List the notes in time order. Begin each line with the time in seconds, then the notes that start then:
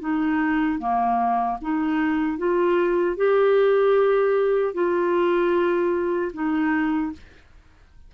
0.00 D#4
0.79 A#3
1.61 D#4
2.38 F4
3.17 G4
4.74 F4
6.33 D#4